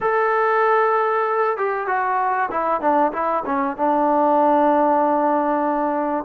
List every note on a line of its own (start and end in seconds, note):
0.01 1.57 A4
1.57 1.87 G4
1.87 2.49 F#4
2.50 2.80 E4
2.80 3.12 D4
3.12 3.43 E4
3.45 3.76 C#4
3.76 6.24 D4